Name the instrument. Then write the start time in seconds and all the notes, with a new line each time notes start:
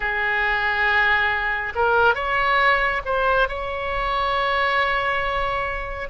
oboe
0.00 G#4
1.75 A#4
2.14 C#5
3.05 C5
3.48 C#5